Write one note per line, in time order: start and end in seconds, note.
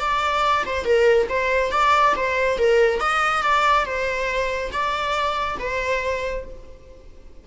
0.00 0.64 D5
0.66 0.85 C5
0.85 1.28 A#4
1.29 1.72 C5
1.72 2.14 D5
2.16 2.58 C5
2.58 3.00 A#4
3.00 3.43 D#5
3.43 3.86 D5
3.86 4.71 C5
4.72 5.58 D5
5.59 6.45 C5